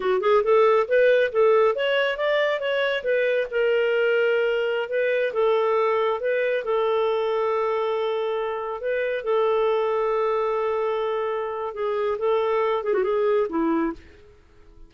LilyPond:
\new Staff \with { instrumentName = "clarinet" } { \time 4/4 \tempo 4 = 138 fis'8 gis'8 a'4 b'4 a'4 | cis''4 d''4 cis''4 b'4 | ais'2.~ ais'16 b'8.~ | b'16 a'2 b'4 a'8.~ |
a'1~ | a'16 b'4 a'2~ a'8.~ | a'2. gis'4 | a'4. gis'16 fis'16 gis'4 e'4 | }